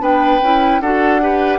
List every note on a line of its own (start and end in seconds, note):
0.00 0.39 B3
0.00 0.39 D4
0.00 0.81 B4
0.00 0.81 G5
0.42 0.80 C#4
0.42 0.82 E4
0.80 1.59 D4
0.80 1.21 F#4
0.80 1.21 A4
0.80 1.59 F#5
1.21 1.59 G4
1.21 1.59 B4